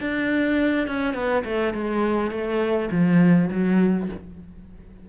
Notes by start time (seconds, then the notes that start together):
0.00 D4
0.87 C#4
1.14 B3
1.45 A3
1.73 G#3
2.31 A3
2.91 F3
3.51 F#3